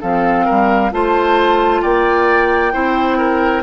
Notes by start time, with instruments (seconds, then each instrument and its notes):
0.00 bassoon F3, clarinet C4, oboe A4, flute F5
0.45 bassoon G3, oboe A#4
0.91 bassoon A3, clarinet F4, oboe C5, flute A5
1.82 bassoon A#3, oboe D5, flute G5
2.72 bassoon C4, clarinet E4, oboe C5
3.18 oboe A#4